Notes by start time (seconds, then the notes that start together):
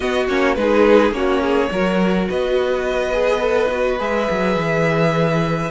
0.00 B3 F#4 D#5
0.27 A#3 C#4 C#5
0.54 G#3 D#4 B4
0.61 G#4
1.11 A#3 C#4 F#4 C#5
1.41 G#4
1.71 F#3 F#4 A#4
2.28 B3 B4 D#5
3.12 G#4
3.40 A4
3.70 F#4
3.98 G#3 G#4 E5
4.30 F#3
4.56 E3